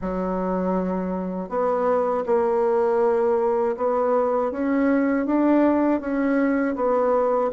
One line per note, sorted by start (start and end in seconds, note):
0.01 1.49 F#3
1.49 2.24 B3
2.26 3.76 A#3
3.76 4.51 B3
4.51 5.26 C#4
5.26 6.00 D4
6.00 6.75 C#4
6.75 7.50 B3